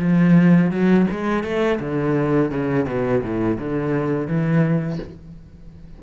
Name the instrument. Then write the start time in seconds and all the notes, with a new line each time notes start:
cello
0.00 F3
0.71 F#3
1.11 G#3
1.44 A3
1.80 D3
2.52 C#3
2.86 B2
3.23 A2
3.59 D3
4.28 E3